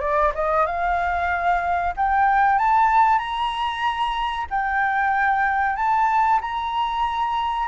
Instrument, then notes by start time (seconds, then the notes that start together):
flute
0.00 D5
0.35 D#5
0.66 F5
1.96 G5
2.58 A5
3.18 A#5
4.50 G5
5.76 A5
6.41 A#5